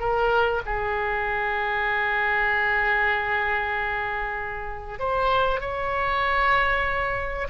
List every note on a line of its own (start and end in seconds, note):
0.00 0.62 A#4
0.66 4.99 G#4
4.99 5.61 C5
5.61 7.48 C#5